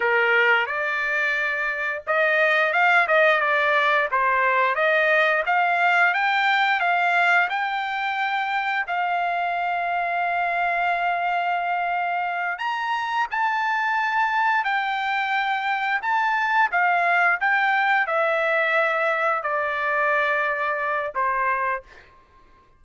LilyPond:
\new Staff \with { instrumentName = "trumpet" } { \time 4/4 \tempo 4 = 88 ais'4 d''2 dis''4 | f''8 dis''8 d''4 c''4 dis''4 | f''4 g''4 f''4 g''4~ | g''4 f''2.~ |
f''2~ f''8 ais''4 a''8~ | a''4. g''2 a''8~ | a''8 f''4 g''4 e''4.~ | e''8 d''2~ d''8 c''4 | }